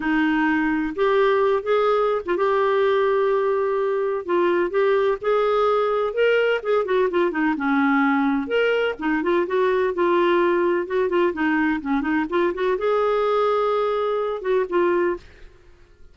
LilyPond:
\new Staff \with { instrumentName = "clarinet" } { \time 4/4 \tempo 4 = 127 dis'2 g'4. gis'8~ | gis'8. f'16 g'2.~ | g'4 f'4 g'4 gis'4~ | gis'4 ais'4 gis'8 fis'8 f'8 dis'8 |
cis'2 ais'4 dis'8 f'8 | fis'4 f'2 fis'8 f'8 | dis'4 cis'8 dis'8 f'8 fis'8 gis'4~ | gis'2~ gis'8 fis'8 f'4 | }